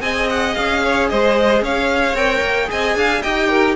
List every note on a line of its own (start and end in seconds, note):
0.00 0.54 C4
0.00 2.15 G#4
0.00 0.82 D#5
0.00 0.28 G#5
0.29 0.54 F#5
0.54 1.11 C#4
0.54 1.08 F5
0.83 1.10 C#5
1.08 1.61 G#3
1.08 1.63 C5
1.08 1.62 D#5
1.61 2.13 C#4
1.61 2.70 C#5
1.61 2.16 F5
2.13 2.40 C4
2.13 2.66 A#4
2.13 2.70 G5
2.41 2.68 A#3
2.66 3.19 G#4
2.66 2.97 D#5
2.66 3.22 G#5
2.72 2.95 C4
2.95 3.22 D4
2.95 3.22 F5
3.22 3.75 D#4
3.22 3.75 G4
3.22 3.48 D#5
3.22 3.75 G5
3.48 3.75 A#4